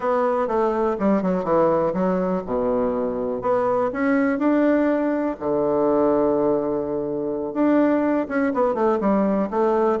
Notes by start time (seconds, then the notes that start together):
0.00 B3
0.47 A3
0.99 G3
1.22 F#3
1.44 E3
1.93 F#3
2.46 B2
3.41 B3
3.92 C#4
4.38 D4
5.39 D3
7.53 D4
8.28 C#4
8.53 B3
8.74 A3
9.00 G3
9.50 A3